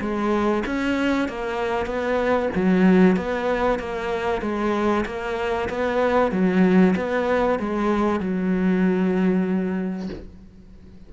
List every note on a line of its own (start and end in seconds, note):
0.00 0.63 G#3
0.65 1.28 C#4
1.28 1.85 A#3
1.85 2.49 B3
2.55 3.16 F#3
3.16 3.79 B3
3.79 4.41 A#3
4.41 5.04 G#3
5.05 5.68 A#3
5.69 6.31 B3
6.31 6.94 F#3
6.96 7.59 B3
7.59 8.20 G#3
8.20 10.09 F#3